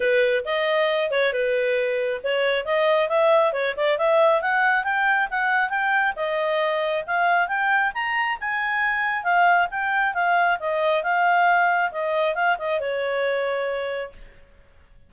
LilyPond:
\new Staff \with { instrumentName = "clarinet" } { \time 4/4 \tempo 4 = 136 b'4 dis''4. cis''8 b'4~ | b'4 cis''4 dis''4 e''4 | cis''8 d''8 e''4 fis''4 g''4 | fis''4 g''4 dis''2 |
f''4 g''4 ais''4 gis''4~ | gis''4 f''4 g''4 f''4 | dis''4 f''2 dis''4 | f''8 dis''8 cis''2. | }